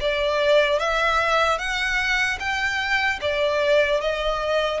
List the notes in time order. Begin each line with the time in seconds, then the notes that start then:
0.00 D5
0.79 E5
1.58 F#5
2.39 G5
3.21 D5
4.00 D#5